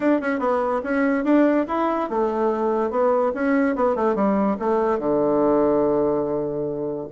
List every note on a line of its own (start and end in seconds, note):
0.00 0.20 D4
0.20 0.39 C#4
0.39 0.81 B3
0.83 1.24 C#4
1.24 1.66 D4
1.67 2.09 E4
2.09 2.90 A3
2.90 3.32 B3
3.34 3.75 C#4
3.75 3.95 B3
3.95 4.15 A3
4.15 4.56 G3
4.59 4.98 A3
4.98 7.07 D3